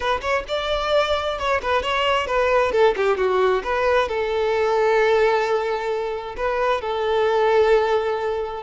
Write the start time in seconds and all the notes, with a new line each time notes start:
0.00 B4
0.21 C#5
0.48 D5
1.38 C#5
1.62 B4
1.82 C#5
2.26 B4
2.72 A4
2.96 G4
3.17 F#4
3.63 B4
4.08 A4
6.36 B4
6.81 A4